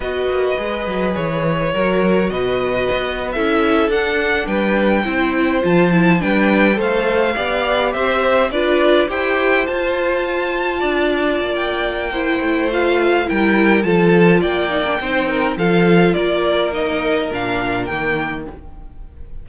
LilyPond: <<
  \new Staff \with { instrumentName = "violin" } { \time 4/4 \tempo 4 = 104 dis''2 cis''2 | dis''4.~ dis''16 e''4 fis''4 g''16~ | g''4.~ g''16 a''4 g''4 f''16~ | f''4.~ f''16 e''4 d''4 g''16~ |
g''8. a''2.~ a''16 | g''2 f''4 g''4 | a''4 g''2 f''4 | d''4 dis''4 f''4 g''4 | }
  \new Staff \with { instrumentName = "violin" } { \time 4/4 b'2. ais'4 | b'4.~ b'16 a'2 b'16~ | b'8. c''2 b'4 c''16~ | c''8. d''4 c''4 b'4 c''16~ |
c''2~ c''8. d''4~ d''16~ | d''4 c''2 ais'4 | a'4 d''4 c''8 ais'8 a'4 | ais'1 | }
  \new Staff \with { instrumentName = "viola" } { \time 4/4 fis'4 gis'2 fis'4~ | fis'4.~ fis'16 e'4 d'4~ d'16~ | d'8. e'4 f'8 e'8 d'4 a'16~ | a'8. g'2 f'4 g'16~ |
g'8. f'2.~ f'16~ | f'4 e'4 f'4 e'4 | f'4. dis'16 d'16 dis'4 f'4~ | f'4 dis'4 d'4 ais4 | }
  \new Staff \with { instrumentName = "cello" } { \time 4/4 b8 ais8 gis8 fis8 e4 fis4 | b,4 b8. cis'4 d'4 g16~ | g8. c'4 f4 g4 a16~ | a8. b4 c'4 d'4 e'16~ |
e'8. f'2 d'4 ais16~ | ais4. a4. g4 | f4 ais4 c'4 f4 | ais2 ais,4 dis4 | }
>>